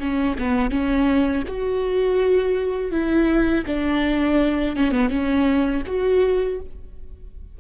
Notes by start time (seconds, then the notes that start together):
0.00 C#4
0.39 B3
0.71 C#4
1.48 F#4
2.92 E4
3.67 D4
4.76 C#4
4.92 B3
5.10 C#4
5.87 F#4